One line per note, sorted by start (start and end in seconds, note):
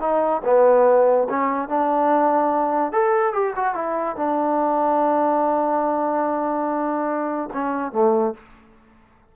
0.00 0.42 D#4
0.44 1.27 B3
1.29 1.68 C#4
1.68 2.92 D4
2.92 3.33 A4
3.33 3.54 G4
3.55 3.74 F#4
3.74 4.16 E4
4.16 7.49 D4
7.53 7.92 C#4
7.92 8.34 A3